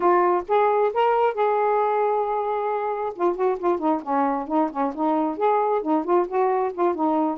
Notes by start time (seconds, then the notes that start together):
0.00 F4
0.48 G#4
0.93 A#4
1.34 G#4
3.15 F4
3.36 F#4
3.58 F4
3.78 D#4
4.02 C#4
4.47 D#4
4.71 C#4
4.94 D#4
5.37 G#4
5.81 D#4
6.04 F4
6.27 F#4
6.73 F4
6.94 D#4